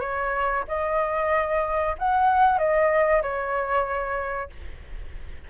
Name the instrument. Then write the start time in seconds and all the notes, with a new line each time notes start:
flute
0.00 C#5
0.68 D#5
1.98 F#5
2.58 D#5
3.22 C#5